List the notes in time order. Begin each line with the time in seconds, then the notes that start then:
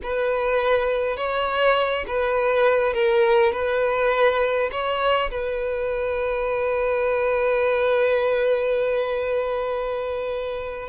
0.02 B4
1.17 C#5
2.07 B4
2.93 A#4
3.52 B4
4.71 C#5
5.30 B4